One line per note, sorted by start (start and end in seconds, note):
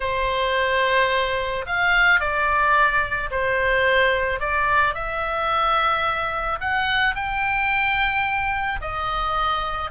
0.00 1.65 C5
1.66 2.20 F5
2.20 3.30 D5
3.30 4.40 C5
4.40 4.94 D5
4.94 6.59 E5
6.60 7.15 F#5
7.15 8.80 G5
8.81 9.90 D#5